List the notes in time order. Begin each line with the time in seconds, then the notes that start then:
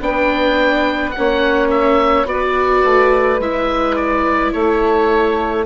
0.00 B3 D4 B4 G5
1.11 C#4 F#5
1.17 A#3 C#5
1.70 E5
2.25 B3 F#4 B4 D5
2.84 A3
3.39 G#3 E4 E5
3.95 D5
4.52 A3 A4 C#5